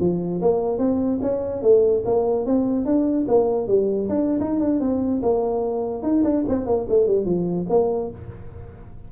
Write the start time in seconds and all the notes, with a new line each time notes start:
0.00 F3
0.42 A#3
0.78 C4
1.22 C#4
1.62 A3
2.05 A#3
2.46 C4
2.85 D4
3.28 A#3
3.68 G3
4.09 D4
4.40 D#4
4.60 D4
4.80 C4
5.23 A#3
6.03 D#4
6.24 D4
6.48 C4
6.66 A#3
6.89 A3
7.07 G3
7.26 F3
7.70 A#3